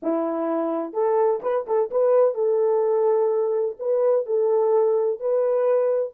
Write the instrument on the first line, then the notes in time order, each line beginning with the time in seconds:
horn
0.02 E4
0.93 A4
1.42 B4
1.66 A4
1.90 B4
2.34 A4
3.79 B4
4.26 A4
5.20 B4